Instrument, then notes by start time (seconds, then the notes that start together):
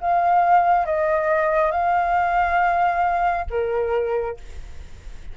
flute
0.00 F5
0.85 D#5
1.71 F5
3.50 A#4